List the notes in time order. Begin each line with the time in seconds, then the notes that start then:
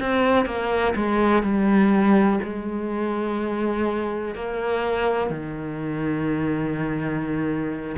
0.00 C4
0.45 A#3
0.95 G#3
1.43 G3
2.43 G#3
4.35 A#3
5.30 D#3